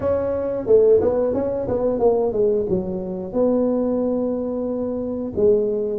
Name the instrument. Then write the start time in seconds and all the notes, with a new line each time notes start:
tuba
0.00 C#4
0.66 A3
1.01 B3
1.33 C#4
1.68 B3
1.98 A#3
2.32 G#3
2.69 F#3
3.32 B3
5.36 G#3